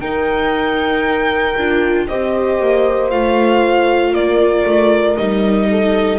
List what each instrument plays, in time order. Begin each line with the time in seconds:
0.00 double bass D#4, viola D#4, horn A#4, violin G5
1.57 double bass D4, viola F4
2.08 double bass C4, viola G4, horn C5, violin D#5
2.61 double bass A#3
3.11 double bass A3, viola F4, violin F5
4.12 double bass A#3, horn A#4, violin D5
4.65 double bass A3
5.17 double bass G3, viola D#4, violin D#5
5.70 horn A4